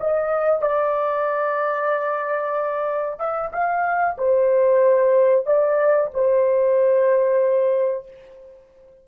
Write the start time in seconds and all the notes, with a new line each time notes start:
0.00 D#5
0.62 D5
3.20 E5
3.53 F5
4.18 C5
5.47 D5
6.14 C5